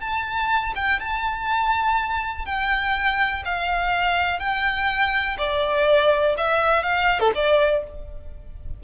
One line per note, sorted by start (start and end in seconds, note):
0.00 0.73 A5
0.75 0.99 G5
1.00 2.45 A5
2.45 3.43 G5
3.45 4.39 F5
4.39 5.37 G5
5.37 6.35 D5
6.37 6.83 E5
6.83 7.19 F5
7.20 7.32 A4
7.35 7.83 D5